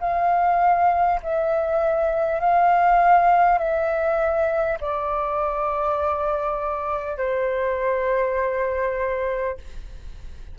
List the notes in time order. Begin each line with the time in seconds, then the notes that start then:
0.00 F5
1.23 E5
2.40 F5
3.58 E5
4.81 D5
7.17 C5